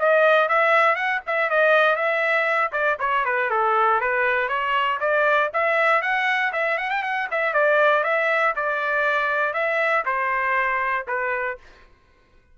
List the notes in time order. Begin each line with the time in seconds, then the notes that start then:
0.00 D#5
0.49 E5
0.96 F#5
1.27 E5
1.50 D#5
1.96 E5
2.73 D5
3.00 C#5
3.25 B4
3.50 A4
4.01 B4
4.49 C#5
5.01 D5
5.54 E5
6.02 F#5
6.53 E5
6.78 F#5
6.91 G5
7.03 F#5
7.31 E5
7.54 D5
8.04 E5
8.56 D5
9.54 E5
10.06 C5
11.08 B4